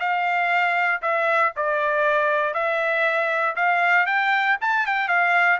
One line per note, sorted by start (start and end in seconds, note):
0.00 1.02 F5
1.02 1.53 E5
1.56 2.54 D5
2.54 3.56 E5
3.56 4.06 F5
4.06 4.57 G5
4.61 4.87 A5
4.87 5.08 G5
5.08 5.59 F5